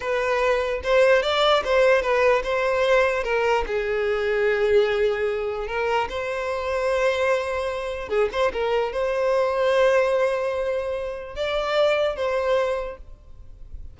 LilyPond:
\new Staff \with { instrumentName = "violin" } { \time 4/4 \tempo 4 = 148 b'2 c''4 d''4 | c''4 b'4 c''2 | ais'4 gis'2.~ | gis'2 ais'4 c''4~ |
c''1 | gis'8 c''8 ais'4 c''2~ | c''1 | d''2 c''2 | }